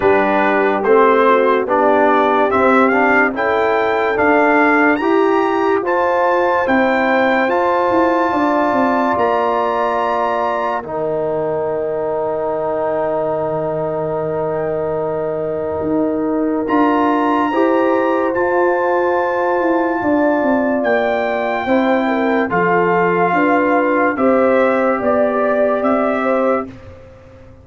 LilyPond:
<<
  \new Staff \with { instrumentName = "trumpet" } { \time 4/4 \tempo 4 = 72 b'4 c''4 d''4 e''8 f''8 | g''4 f''4 ais''4 a''4 | g''4 a''2 ais''4~ | ais''4 g''2.~ |
g''1 | ais''2 a''2~ | a''4 g''2 f''4~ | f''4 e''4 d''4 e''4 | }
  \new Staff \with { instrumentName = "horn" } { \time 4/4 g'4. fis'8 g'2 | a'2 g'4 c''4~ | c''2 d''2~ | d''4 ais'2.~ |
ais'1~ | ais'4 c''2. | d''2 c''8 ais'8 a'4 | b'4 c''4 d''4. c''8 | }
  \new Staff \with { instrumentName = "trombone" } { \time 4/4 d'4 c'4 d'4 c'8 d'8 | e'4 d'4 g'4 f'4 | e'4 f'2.~ | f'4 dis'2.~ |
dis'1 | f'4 g'4 f'2~ | f'2 e'4 f'4~ | f'4 g'2. | }
  \new Staff \with { instrumentName = "tuba" } { \time 4/4 g4 a4 b4 c'4 | cis'4 d'4 e'4 f'4 | c'4 f'8 e'8 d'8 c'8 ais4~ | ais4 dis2.~ |
dis2. dis'4 | d'4 e'4 f'4. e'8 | d'8 c'8 ais4 c'4 f4 | d'4 c'4 b4 c'4 | }
>>